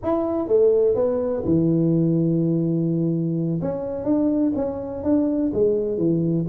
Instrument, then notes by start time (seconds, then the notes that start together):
tuba
0.02 E4
0.47 A3
0.95 B3
1.45 E3
3.61 C#4
4.04 D4
4.55 C#4
5.03 D4
5.53 G#3
5.97 E3